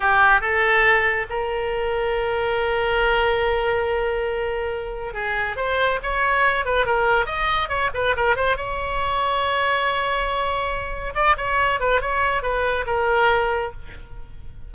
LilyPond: \new Staff \with { instrumentName = "oboe" } { \time 4/4 \tempo 4 = 140 g'4 a'2 ais'4~ | ais'1~ | ais'1 | gis'4 c''4 cis''4. b'8 |
ais'4 dis''4 cis''8 b'8 ais'8 c''8 | cis''1~ | cis''2 d''8 cis''4 b'8 | cis''4 b'4 ais'2 | }